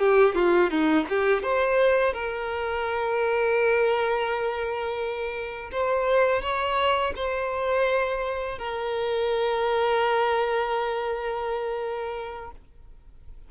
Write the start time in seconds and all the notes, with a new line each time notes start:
0.00 G4
0.35 F4
0.71 D#4
1.10 G4
1.44 C5
2.14 A#4
5.72 C5
6.43 C#5
7.16 C5
8.59 A#4